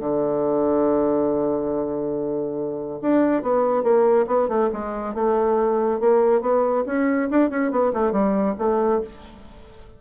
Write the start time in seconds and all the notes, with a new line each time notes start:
0.00 D3
3.02 D4
3.43 B3
3.83 A#3
4.27 B3
4.49 A3
4.73 G#3
5.15 A3
6.00 A#3
6.42 B3
6.86 C#4
7.31 D4
7.50 C#4
7.72 B3
7.93 A3
8.12 G3
8.59 A3